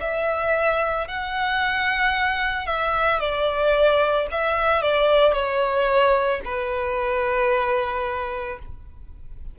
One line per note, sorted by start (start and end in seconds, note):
0.00 1.07 E5
1.07 2.66 F#5
2.66 3.19 E5
3.19 4.26 D5
4.31 4.82 E5
4.82 5.33 D5
5.33 6.40 C#5
6.44 8.59 B4